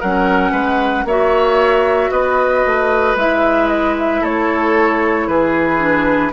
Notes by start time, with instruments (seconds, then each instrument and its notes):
0.00 bassoon F#3, clarinet C#4, oboe A#4, flute F#5
0.51 bassoon G#3, oboe B4
1.04 bassoon A#3, clarinet F#4, oboe C#5, flute E5
2.11 bassoon B3, oboe B4, flute D#5
2.66 bassoon A3
3.16 bassoon G#3, clarinet E4, flute E5
3.68 flute D#5
3.98 flute E5
4.21 bassoon A3, oboe A4, flute C#5
5.27 bassoon E3, oboe G#4, flute B4
5.79 clarinet D4